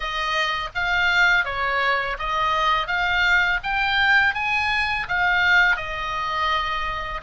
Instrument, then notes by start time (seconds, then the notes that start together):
oboe
0.00 D#5
0.74 F5
1.45 C#5
2.18 D#5
2.87 F5
3.63 G5
4.34 G#5
5.08 F5
5.76 D#5